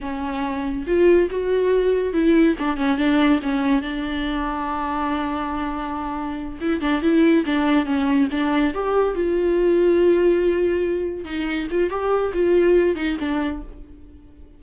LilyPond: \new Staff \with { instrumentName = "viola" } { \time 4/4 \tempo 4 = 141 cis'2 f'4 fis'4~ | fis'4 e'4 d'8 cis'8 d'4 | cis'4 d'2.~ | d'2.~ d'8 e'8 |
d'8 e'4 d'4 cis'4 d'8~ | d'8 g'4 f'2~ f'8~ | f'2~ f'8 dis'4 f'8 | g'4 f'4. dis'8 d'4 | }